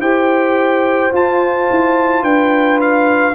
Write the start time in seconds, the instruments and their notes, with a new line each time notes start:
0.00 tuba E4, trombone G4, horn C5, trumpet G5
1.12 trombone F4, tuba F4, trumpet A5
1.71 tuba E4
2.22 tuba D4, horn B4, trumpet G5
2.81 trumpet F5